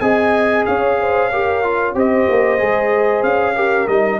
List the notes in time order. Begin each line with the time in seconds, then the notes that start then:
0.00 C4 G#4 D#5 G#5
0.66 C#4 C#5 F5
1.00 C5
1.31 G4 A#4
1.63 F4
1.94 C4 G4 C5 D#5
2.29 A#3
2.59 G#3 G#4
3.23 C#4 F5
3.55 G4 A#4
3.88 G3 D#4 D#5